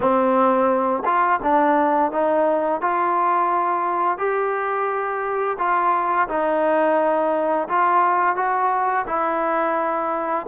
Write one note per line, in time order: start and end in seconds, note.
0.00 1.03 C4
1.05 1.40 F4
1.42 2.11 D4
2.11 2.81 D#4
2.81 4.17 F4
4.17 5.57 G4
5.58 6.28 F4
6.28 7.67 D#4
7.68 8.36 F4
8.36 9.05 F#4
9.07 10.46 E4